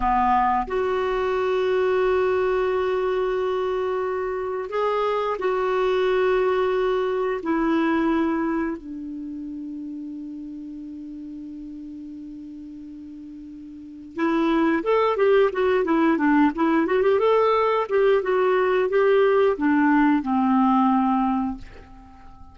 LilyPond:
\new Staff \with { instrumentName = "clarinet" } { \time 4/4 \tempo 4 = 89 b4 fis'2.~ | fis'2. gis'4 | fis'2. e'4~ | e'4 d'2.~ |
d'1~ | d'4 e'4 a'8 g'8 fis'8 e'8 | d'8 e'8 fis'16 g'16 a'4 g'8 fis'4 | g'4 d'4 c'2 | }